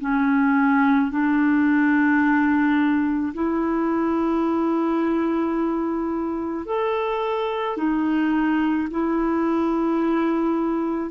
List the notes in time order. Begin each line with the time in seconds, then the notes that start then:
0.00 C#4
1.11 D4
3.33 E4
6.66 A4
7.77 D#4
8.90 E4